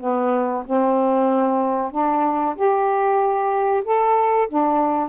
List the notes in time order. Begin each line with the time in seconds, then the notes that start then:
0.00 B3
0.66 C4
1.91 D4
2.56 G4
3.84 A4
4.48 D4